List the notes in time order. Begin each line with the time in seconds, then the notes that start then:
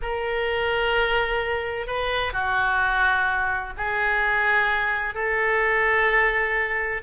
0.02 A#4
1.86 B4
2.32 F#4
3.77 G#4
5.14 A4